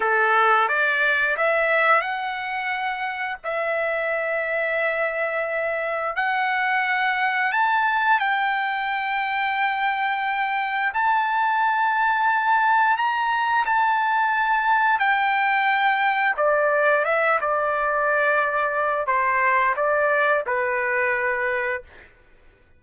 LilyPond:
\new Staff \with { instrumentName = "trumpet" } { \time 4/4 \tempo 4 = 88 a'4 d''4 e''4 fis''4~ | fis''4 e''2.~ | e''4 fis''2 a''4 | g''1 |
a''2. ais''4 | a''2 g''2 | d''4 e''8 d''2~ d''8 | c''4 d''4 b'2 | }